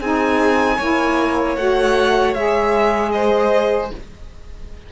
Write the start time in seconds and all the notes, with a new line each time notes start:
0.00 C4 D#4 G#4 G#5
0.77 A#3 E4 C#5
1.57 A3 F#4 F#5
2.34 G#3 G#4 E5
3.12 C5 D#5